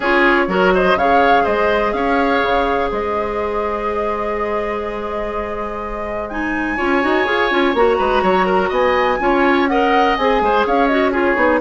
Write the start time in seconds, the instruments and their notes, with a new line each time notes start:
0.00 bassoon C#4, clarinet F4, oboe G#4, flute C#5
0.47 bassoon F#3, clarinet F#4, oboe A#4
0.74 oboe C5, flute D#5
0.95 bassoon C#3, clarinet G#4, oboe C#5, flute F5
1.43 bassoon G#3, oboe C5, flute D#5
1.93 bassoon C#4, oboe C#5, flute F5
2.42 bassoon C#3
2.91 bassoon G#3, oboe C5, flute D#5
6.29 clarinet D#4, flute G#5
6.76 bassoon C#4, clarinet F4, oboe C#5
7.02 bassoon D#4, clarinet F#4
7.25 bassoon F4, clarinet G#4
7.50 bassoon C#4, clarinet F4
7.73 bassoon A#3, clarinet F#4, flute A#5
7.98 bassoon G#3, oboe B4
8.22 bassoon F#3, oboe C#5
8.46 oboe A#4
8.68 bassoon B3, oboe D#5, flute G#5
9.19 bassoon C#4, clarinet F4, oboe C#5
9.67 clarinet A#4, oboe D#5, flute F#5
10.16 bassoon C4, clarinet G#4, flute G#5
10.40 bassoon G#3, oboe C5
10.66 bassoon C#4, oboe C#5, flute F5
10.86 clarinet F#4, flute D#5
11.11 clarinet F4, oboe G#4, flute C#5
11.36 bassoon B3, clarinet D#4